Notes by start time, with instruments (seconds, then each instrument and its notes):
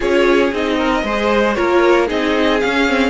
0.00 cello C#4, viola F4, violin G#4 C#5
0.52 cello C4, viola D#4, violin D#5
0.77 violin A#4
1.03 cello G#3, viola G#4, violin C5
1.54 cello A#3, viola F4, violin A#4 C#5
2.07 cello C4, viola D#4, violin G#4 D#5
2.60 viola C#4, cello C#4, violin F5
2.88 viola C4